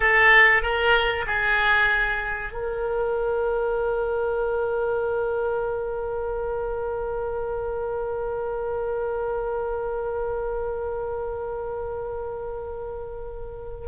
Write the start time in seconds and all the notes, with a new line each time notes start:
0.00 A4
0.62 A#4
1.26 G#4
2.52 A#4